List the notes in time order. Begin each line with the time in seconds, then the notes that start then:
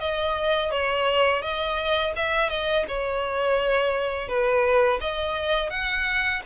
0.00 D#5
0.71 C#5
1.42 D#5
2.16 E5
2.49 D#5
2.88 C#5
4.28 B4
5.01 D#5
5.70 F#5